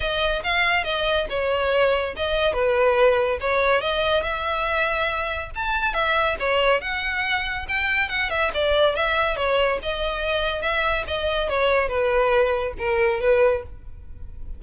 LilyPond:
\new Staff \with { instrumentName = "violin" } { \time 4/4 \tempo 4 = 141 dis''4 f''4 dis''4 cis''4~ | cis''4 dis''4 b'2 | cis''4 dis''4 e''2~ | e''4 a''4 e''4 cis''4 |
fis''2 g''4 fis''8 e''8 | d''4 e''4 cis''4 dis''4~ | dis''4 e''4 dis''4 cis''4 | b'2 ais'4 b'4 | }